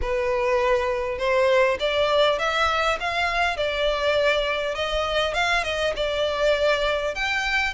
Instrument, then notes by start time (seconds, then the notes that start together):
violin
0.01 B4
1.18 C5
1.79 D5
2.38 E5
3.00 F5
3.56 D5
4.74 D#5
5.34 F5
5.63 D#5
5.96 D5
7.14 G5